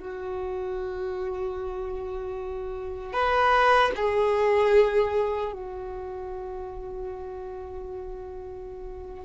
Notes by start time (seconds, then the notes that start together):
0.00 F#4
3.13 B4
3.97 G#4
5.53 F#4